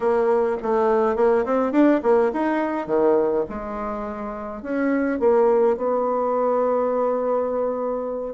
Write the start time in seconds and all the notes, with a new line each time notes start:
0.00 A#3
0.62 A3
1.15 A#3
1.45 C4
1.72 D4
2.02 A#3
2.33 D#4
2.86 D#3
3.49 G#3
4.62 C#4
5.19 A#3
5.76 B3